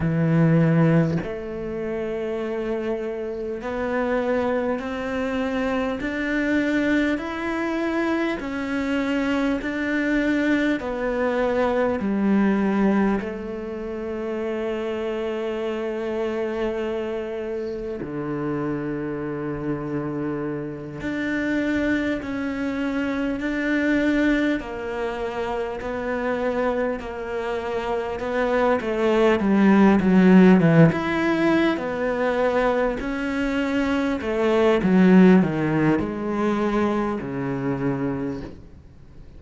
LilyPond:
\new Staff \with { instrumentName = "cello" } { \time 4/4 \tempo 4 = 50 e4 a2 b4 | c'4 d'4 e'4 cis'4 | d'4 b4 g4 a4~ | a2. d4~ |
d4. d'4 cis'4 d'8~ | d'8 ais4 b4 ais4 b8 | a8 g8 fis8 e16 e'8. b4 cis'8~ | cis'8 a8 fis8 dis8 gis4 cis4 | }